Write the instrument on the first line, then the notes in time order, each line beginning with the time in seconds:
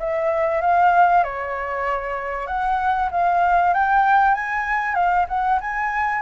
flute
0.00 E5
0.62 F5
1.24 C#5
2.47 F#5
3.11 F5
3.74 G5
4.35 G#5
4.95 F5
5.29 F#5
5.61 G#5